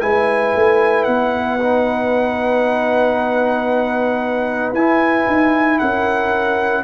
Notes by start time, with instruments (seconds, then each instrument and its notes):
0.00 tuba G#3, trombone E4, horn B4, trumpet G#5
0.55 tuba A3
1.04 tuba B3, trumpet F#5
1.60 trombone D#4
4.73 tuba E4, trombone E4, trumpet G#5
5.27 tuba D#4
5.79 tuba C#4, horn A#4, trumpet F#5